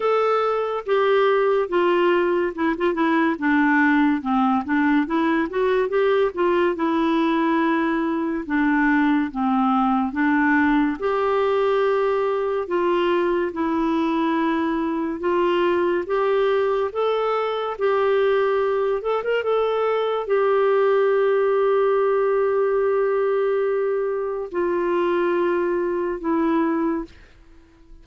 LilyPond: \new Staff \with { instrumentName = "clarinet" } { \time 4/4 \tempo 4 = 71 a'4 g'4 f'4 e'16 f'16 e'8 | d'4 c'8 d'8 e'8 fis'8 g'8 f'8 | e'2 d'4 c'4 | d'4 g'2 f'4 |
e'2 f'4 g'4 | a'4 g'4. a'16 ais'16 a'4 | g'1~ | g'4 f'2 e'4 | }